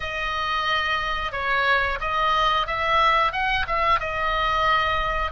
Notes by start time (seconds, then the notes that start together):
0.00 D#5
1.32 C#5
2.00 D#5
2.66 E5
3.32 F#5
3.67 E5
4.00 D#5